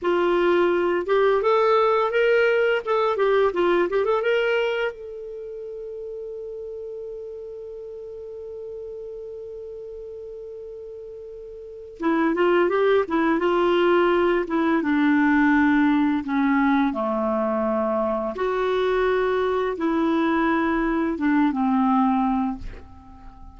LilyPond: \new Staff \with { instrumentName = "clarinet" } { \time 4/4 \tempo 4 = 85 f'4. g'8 a'4 ais'4 | a'8 g'8 f'8 g'16 a'16 ais'4 a'4~ | a'1~ | a'1~ |
a'4 e'8 f'8 g'8 e'8 f'4~ | f'8 e'8 d'2 cis'4 | a2 fis'2 | e'2 d'8 c'4. | }